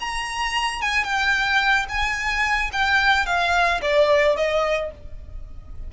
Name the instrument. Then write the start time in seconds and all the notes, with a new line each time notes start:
violin
0.00 A#5
0.82 G#5
1.04 G5
1.89 G#5
2.72 G5
3.26 F5
3.82 D5
4.37 D#5